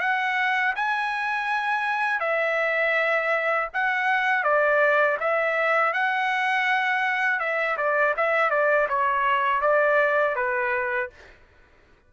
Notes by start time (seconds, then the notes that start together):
0.00 F#5
0.75 G#5
2.20 E5
3.73 F#5
4.44 D5
5.20 E5
5.93 F#5
7.40 E5
7.77 D5
8.17 E5
8.51 D5
8.89 C#5
9.61 D5
10.36 B4